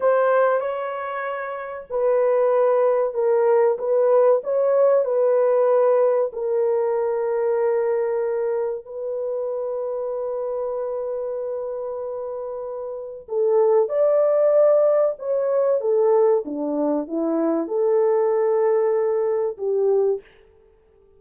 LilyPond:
\new Staff \with { instrumentName = "horn" } { \time 4/4 \tempo 4 = 95 c''4 cis''2 b'4~ | b'4 ais'4 b'4 cis''4 | b'2 ais'2~ | ais'2 b'2~ |
b'1~ | b'4 a'4 d''2 | cis''4 a'4 d'4 e'4 | a'2. g'4 | }